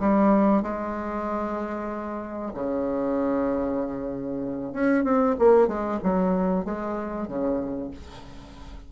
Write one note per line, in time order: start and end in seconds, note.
0.00 0.63 G3
0.63 2.52 G#3
2.54 4.73 C#3
4.73 5.04 C#4
5.04 5.35 C4
5.39 5.68 A#3
5.68 5.99 G#3
6.03 6.65 F#3
6.65 7.27 G#3
7.27 7.91 C#3